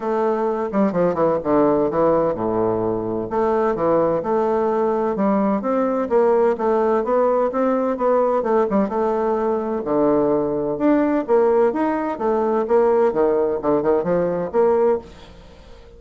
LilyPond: \new Staff \with { instrumentName = "bassoon" } { \time 4/4 \tempo 4 = 128 a4. g8 f8 e8 d4 | e4 a,2 a4 | e4 a2 g4 | c'4 ais4 a4 b4 |
c'4 b4 a8 g8 a4~ | a4 d2 d'4 | ais4 dis'4 a4 ais4 | dis4 d8 dis8 f4 ais4 | }